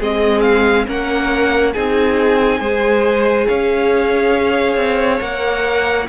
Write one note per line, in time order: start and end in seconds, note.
0.00 0.87 G#3
0.00 0.87 C4
0.00 0.87 G#4
0.00 0.42 D#5
0.42 0.85 F5
0.87 1.75 A#3
0.87 1.74 C#4
0.87 1.73 A#4
0.87 1.74 F#5
1.73 2.61 C4
1.73 2.61 D#4
1.73 2.60 G#4
1.73 3.47 G#5
2.60 3.48 G#3
2.60 5.20 G#4
2.60 3.47 C5
3.47 4.77 C#4
3.47 6.08 C#5
3.47 5.21 F5
4.77 5.20 C4
5.20 6.08 A#3
5.20 6.07 A#4
5.20 6.08 F#5